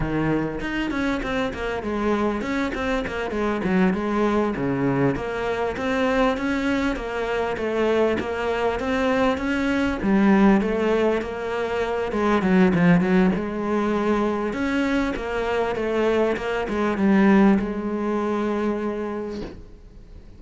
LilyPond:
\new Staff \with { instrumentName = "cello" } { \time 4/4 \tempo 4 = 99 dis4 dis'8 cis'8 c'8 ais8 gis4 | cis'8 c'8 ais8 gis8 fis8 gis4 cis8~ | cis8 ais4 c'4 cis'4 ais8~ | ais8 a4 ais4 c'4 cis'8~ |
cis'8 g4 a4 ais4. | gis8 fis8 f8 fis8 gis2 | cis'4 ais4 a4 ais8 gis8 | g4 gis2. | }